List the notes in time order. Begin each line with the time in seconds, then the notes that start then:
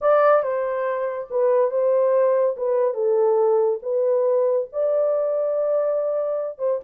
0.01 D5
0.42 C5
1.30 B4
1.70 C5
2.56 B4
2.94 A4
3.82 B4
4.72 D5
6.58 C5